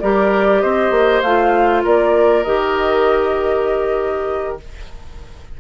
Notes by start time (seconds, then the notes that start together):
0.00 G3 G4 A#4 D5
0.61 C4 C5 D#5
0.91 A#3
1.22 A3 F4 F5
1.84 A#3 A#4 D5
2.43 D#3 G4 D#5